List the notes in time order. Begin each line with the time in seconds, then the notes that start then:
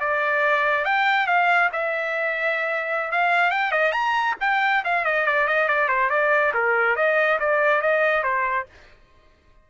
0.00 D5
0.85 G5
1.27 F5
1.72 E5
3.12 F5
3.51 G5
3.72 D#5
3.92 A#5
4.41 G5
4.84 F5
5.05 D#5
5.27 D5
5.48 D#5
5.68 D5
5.89 C5
6.10 D5
6.54 A#4
6.96 D#5
7.40 D5
7.82 D#5
8.23 C5